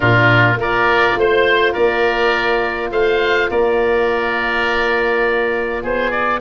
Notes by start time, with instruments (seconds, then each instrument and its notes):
0.00 tuba A#2, horn D4, oboe F4 A#4
0.56 tuba A#3, horn F4, oboe A#4 D5
1.15 tuba A3, oboe C5
1.72 tuba A#3, oboe A#4 D5
2.91 tuba A3, oboe C5 F5
3.50 tuba A#3, oboe A#4 D5
5.82 tuba B3, oboe G#4 C5
6.10 oboe D5